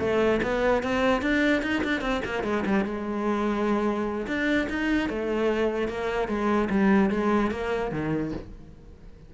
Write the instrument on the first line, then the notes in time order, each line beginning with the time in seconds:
cello
0.00 A3
0.43 B3
0.83 C4
1.22 D4
1.62 D#4
1.84 D4
2.01 C4
2.25 A#3
2.43 G#3
2.66 G3
2.85 G#3
4.27 D4
4.70 D#4
5.09 A3
5.88 A#3
6.28 G#3
6.70 G3
7.10 G#3
7.51 A#3
7.91 D#3